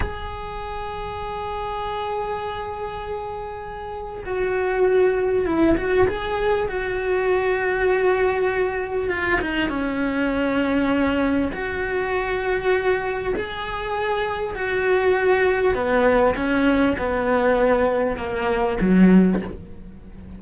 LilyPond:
\new Staff \with { instrumentName = "cello" } { \time 4/4 \tempo 4 = 99 gis'1~ | gis'2. fis'4~ | fis'4 e'8 fis'8 gis'4 fis'4~ | fis'2. f'8 dis'8 |
cis'2. fis'4~ | fis'2 gis'2 | fis'2 b4 cis'4 | b2 ais4 fis4 | }